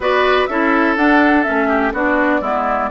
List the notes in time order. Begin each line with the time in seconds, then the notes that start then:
0.00 B3 F#4 B4 D5
0.46 C#4 E4 A4 E5
0.96 D4 F#5
1.43 A3 C#4 E5
1.68 G4
1.93 B3 D4 F#4 D5
2.41 G#3 B3 E4